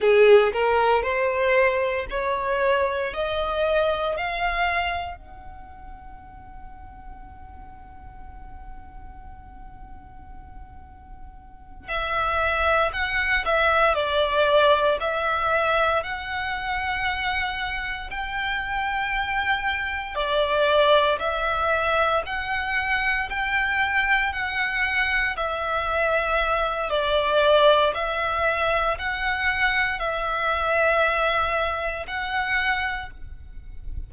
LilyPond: \new Staff \with { instrumentName = "violin" } { \time 4/4 \tempo 4 = 58 gis'8 ais'8 c''4 cis''4 dis''4 | f''4 fis''2.~ | fis''2.~ fis''8 e''8~ | e''8 fis''8 e''8 d''4 e''4 fis''8~ |
fis''4. g''2 d''8~ | d''8 e''4 fis''4 g''4 fis''8~ | fis''8 e''4. d''4 e''4 | fis''4 e''2 fis''4 | }